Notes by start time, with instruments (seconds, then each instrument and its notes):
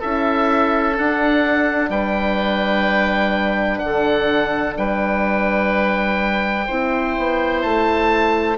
0.00 bassoon C#4, horn E4, oboe A4 E5
0.94 horn D4, bassoon D4, oboe F#5
1.90 bassoon G3, oboe B4 G5
3.79 bassoon D3, oboe F#5
3.87 oboe A4
4.77 bassoon G3, oboe B4 G5
6.67 bassoon C4, horn E4, oboe C5
7.18 bassoon B3
7.63 bassoon A3, oboe A5